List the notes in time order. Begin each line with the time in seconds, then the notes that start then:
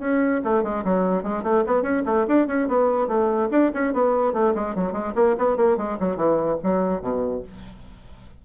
0.00 C#4
0.44 A3
0.63 G#3
0.85 F#3
1.23 G#3
1.44 A3
1.67 B3
1.82 C#4
2.06 A3
2.28 D4
2.48 C#4
2.68 B3
3.08 A3
3.51 D4
3.74 C#4
3.93 B3
4.34 A3
4.55 G#3
4.75 F#3
4.93 G#3
5.15 A#3
5.38 B3
5.57 A#3
5.78 G#3
6.00 F#3
6.17 E3
6.64 F#3
7.02 B2